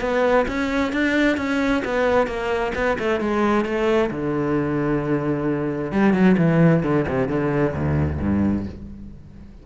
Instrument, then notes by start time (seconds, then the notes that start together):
cello
0.00 B3
0.48 C#4
0.92 D4
1.37 C#4
1.84 B3
2.26 A#3
2.74 B3
2.99 A3
3.20 G#3
3.64 A3
4.10 D3
5.91 G3
6.13 F#3
6.37 E3
6.83 D3
7.07 C3
7.28 D3
7.73 D2
8.20 G2